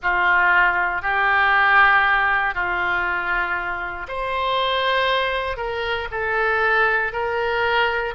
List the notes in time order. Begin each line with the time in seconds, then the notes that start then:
0.02 F4
1.02 G4
2.54 F4
4.07 C5
5.57 A#4
6.11 A4
7.12 A#4